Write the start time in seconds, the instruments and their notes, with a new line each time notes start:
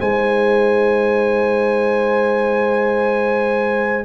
0.00 tuba G#3, trombone D#4, horn C5, trumpet G#5